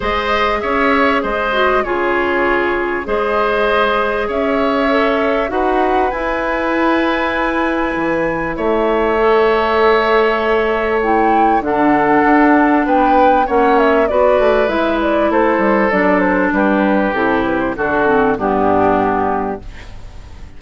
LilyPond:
<<
  \new Staff \with { instrumentName = "flute" } { \time 4/4 \tempo 4 = 98 dis''4 e''4 dis''4 cis''4~ | cis''4 dis''2 e''4~ | e''4 fis''4 gis''2~ | gis''2 e''2~ |
e''2 g''4 fis''4~ | fis''4 g''4 fis''8 e''8 d''4 | e''8 d''8 c''4 d''8 c''8 b'4 | a'8 b'16 c''16 a'4 g'2 | }
  \new Staff \with { instrumentName = "oboe" } { \time 4/4 c''4 cis''4 c''4 gis'4~ | gis'4 c''2 cis''4~ | cis''4 b'2.~ | b'2 cis''2~ |
cis''2. a'4~ | a'4 b'4 cis''4 b'4~ | b'4 a'2 g'4~ | g'4 fis'4 d'2 | }
  \new Staff \with { instrumentName = "clarinet" } { \time 4/4 gis'2~ gis'8 fis'8 f'4~ | f'4 gis'2. | a'4 fis'4 e'2~ | e'2. a'4~ |
a'2 e'4 d'4~ | d'2 cis'4 fis'4 | e'2 d'2 | e'4 d'8 c'8 b2 | }
  \new Staff \with { instrumentName = "bassoon" } { \time 4/4 gis4 cis'4 gis4 cis4~ | cis4 gis2 cis'4~ | cis'4 dis'4 e'2~ | e'4 e4 a2~ |
a2. d4 | d'4 b4 ais4 b8 a8 | gis4 a8 g8 fis4 g4 | c4 d4 g,2 | }
>>